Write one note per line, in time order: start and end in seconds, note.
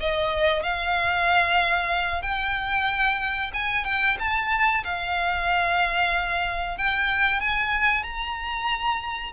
0.00 0.62 D#5
0.62 2.22 F5
2.22 3.51 G5
3.54 3.84 G#5
3.84 4.17 G5
4.19 4.84 A5
4.84 6.77 F5
6.77 7.40 G5
7.40 8.03 G#5
8.03 9.32 A#5